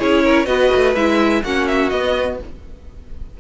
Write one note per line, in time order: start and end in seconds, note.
0.00 0.47 C#4
0.00 0.46 E4
0.00 0.24 G#4
0.00 0.46 C#5
0.24 0.46 A#4
0.46 0.71 B3
0.46 0.94 F#4
0.46 1.42 B4
0.46 0.94 D#5
0.76 0.95 A3
0.95 1.43 G#3
0.95 1.45 E4
0.95 1.44 E5
1.44 1.92 A#3
1.44 1.92 C#4
1.44 2.40 F#4
1.44 1.68 F#5
1.68 1.90 E5
1.90 2.40 B3
1.90 2.38 D#5